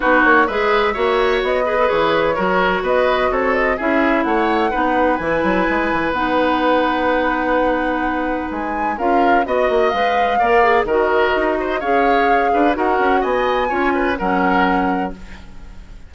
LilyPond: <<
  \new Staff \with { instrumentName = "flute" } { \time 4/4 \tempo 4 = 127 b'8 cis''8 e''2 dis''4 | cis''2 dis''4 cis''8 dis''8 | e''4 fis''2 gis''4~ | gis''4 fis''2.~ |
fis''2 gis''4 f''4 | dis''4 f''2 dis''4~ | dis''4 f''2 fis''4 | gis''2 fis''2 | }
  \new Staff \with { instrumentName = "oboe" } { \time 4/4 fis'4 b'4 cis''4. b'8~ | b'4 ais'4 b'4 a'4 | gis'4 cis''4 b'2~ | b'1~ |
b'2. ais'4 | dis''2 d''4 ais'4~ | ais'8 c''8 cis''4. b'8 ais'4 | dis''4 cis''8 b'8 ais'2 | }
  \new Staff \with { instrumentName = "clarinet" } { \time 4/4 dis'4 gis'4 fis'4. gis'16 a'16 | gis'4 fis'2. | e'2 dis'4 e'4~ | e'4 dis'2.~ |
dis'2. f'4 | fis'4 b'4 ais'8 gis'8 fis'4~ | fis'4 gis'2 fis'4~ | fis'4 f'4 cis'2 | }
  \new Staff \with { instrumentName = "bassoon" } { \time 4/4 b8 ais8 gis4 ais4 b4 | e4 fis4 b4 c'4 | cis'4 a4 b4 e8 fis8 | gis8 e8 b2.~ |
b2 gis4 cis'4 | b8 ais8 gis4 ais4 dis4 | dis'4 cis'4. d'8 dis'8 cis'8 | b4 cis'4 fis2 | }
>>